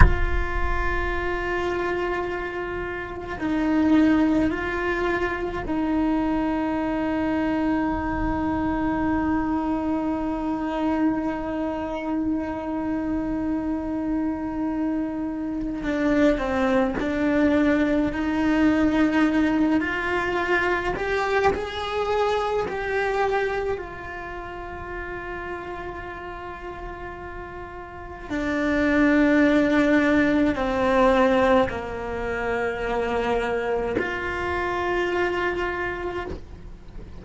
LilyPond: \new Staff \with { instrumentName = "cello" } { \time 4/4 \tempo 4 = 53 f'2. dis'4 | f'4 dis'2.~ | dis'1~ | dis'2 d'8 c'8 d'4 |
dis'4. f'4 g'8 gis'4 | g'4 f'2.~ | f'4 d'2 c'4 | ais2 f'2 | }